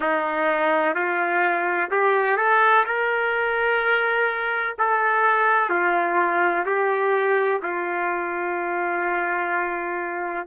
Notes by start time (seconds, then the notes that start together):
0.00 D#4
0.94 F4
1.90 G4
2.36 A4
2.85 A#4
4.78 A4
5.69 F4
6.65 G4
7.62 F4